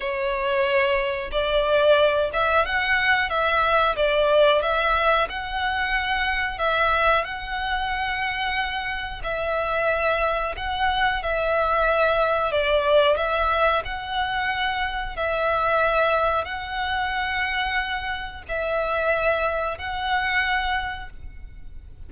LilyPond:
\new Staff \with { instrumentName = "violin" } { \time 4/4 \tempo 4 = 91 cis''2 d''4. e''8 | fis''4 e''4 d''4 e''4 | fis''2 e''4 fis''4~ | fis''2 e''2 |
fis''4 e''2 d''4 | e''4 fis''2 e''4~ | e''4 fis''2. | e''2 fis''2 | }